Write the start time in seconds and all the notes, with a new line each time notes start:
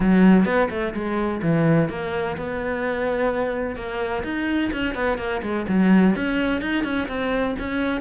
0.00 F#3
0.45 B3
0.70 A3
0.94 G#3
1.42 E3
1.89 A#3
2.37 B3
3.76 A#3
4.23 D#4
4.72 C#4
4.94 B3
5.17 A#3
5.42 G#3
5.68 F#3
6.15 C#4
6.61 D#4
6.84 C#4
7.08 C4
7.59 C#4